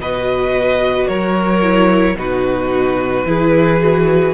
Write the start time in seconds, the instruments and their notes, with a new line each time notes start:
0.00 cello B2, viola F#4, violin B4 D#5
1.07 cello F#3, violin A#4 C#5
1.62 viola E4
2.15 cello B2, viola D#4, violin F#4 B4
3.26 cello E3, viola E4, violin G#4
3.80 viola F#4